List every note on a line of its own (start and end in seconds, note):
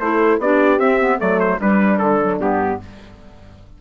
0.00 0.39 A3
0.00 0.42 E4
0.00 0.42 A4
0.00 0.41 C5
0.39 0.79 B3
0.39 0.80 D4
0.39 1.18 G4
0.39 0.80 D5
0.79 1.19 C4
0.79 1.00 C4
0.79 1.20 E5
1.00 1.19 B3
1.18 1.60 F#3
1.18 1.59 A3
1.18 1.58 A4
1.18 1.40 D5
1.40 1.60 C5
1.60 2.00 G3
1.60 2.21 G3
1.60 2.81 D4
1.60 1.99 B4
1.99 2.40 D3
1.99 2.39 A4
2.22 2.40 F#3
2.40 2.80 G2
2.40 2.80 B3
2.40 2.82 G4